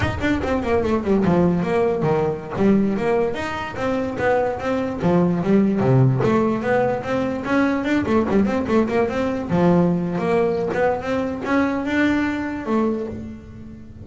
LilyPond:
\new Staff \with { instrumentName = "double bass" } { \time 4/4 \tempo 4 = 147 dis'8 d'8 c'8 ais8 a8 g8 f4 | ais4 dis4~ dis16 g4 ais8.~ | ais16 dis'4 c'4 b4 c'8.~ | c'16 f4 g4 c4 a8.~ |
a16 b4 c'4 cis'4 d'8 a16~ | a16 g8 c'8 a8 ais8 c'4 f8.~ | f4 ais4~ ais16 b8. c'4 | cis'4 d'2 a4 | }